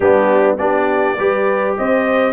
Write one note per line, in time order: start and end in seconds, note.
0.00 0.58 G3
0.00 0.57 B3
0.00 0.59 D4
0.00 0.55 G4
0.57 1.18 B3
0.57 1.16 D4
0.57 1.18 G4
0.57 1.75 D5
1.18 1.78 G3
1.18 2.33 G4
1.18 1.77 B4
1.77 2.33 C4
1.77 2.33 C5
1.77 2.33 D#5